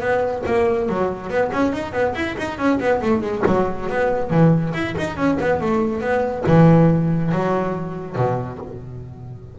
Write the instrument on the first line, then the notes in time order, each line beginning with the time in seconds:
double bass
0.00 B3
0.46 A#3
0.88 F#3
1.29 B3
1.53 C#4
1.72 D#4
1.92 B3
2.15 E4
2.37 D#4
2.58 C#4
2.79 B3
3.02 A3
3.21 G#3
3.46 F#3
3.89 B3
4.30 E3
4.73 E4
4.98 D#4
5.16 C#4
5.40 B3
5.61 A3
6.01 B3
6.46 E3
7.31 F#3
8.16 B2